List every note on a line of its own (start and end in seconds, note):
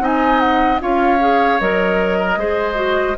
0.00 0.79 C4
0.00 0.79 D#4
0.00 0.82 D#5
0.00 0.40 G#5
0.40 0.79 F#5
0.80 1.61 C#4
0.80 1.19 F4
0.80 2.18 C#5
0.80 1.60 F5
1.20 1.59 G#4
1.60 2.37 F#3
1.60 2.39 A#4
1.60 3.17 D#5
2.18 2.38 A#4
2.37 3.16 G#3
2.37 2.75 G#4
2.37 3.17 C5
2.75 3.14 F#4